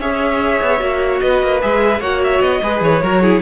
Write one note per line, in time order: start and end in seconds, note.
0.00 0.60 C#4
0.00 0.80 G#4
0.00 1.22 C#5
0.00 1.20 E5
0.62 0.81 B3
0.80 1.21 A#3
0.80 1.60 F#4
1.20 1.42 B3
1.20 2.01 B4
1.20 1.60 D#5
1.42 1.62 A#3
1.61 2.00 G#3
1.61 2.01 G#4
1.61 2.01 E5
2.00 2.40 A#3
2.00 2.63 F#4
2.00 2.61 C#5
2.00 2.21 F#5
2.23 2.42 E5
2.41 2.61 B3
2.41 2.82 D#5
2.62 2.82 G#3
2.62 3.03 G#4
2.62 3.03 B4
2.82 3.02 E3
2.82 3.42 C#5
3.03 3.42 F#3
3.03 3.23 F#4
3.03 3.22 A#4
3.22 3.42 E4
3.22 3.42 G#4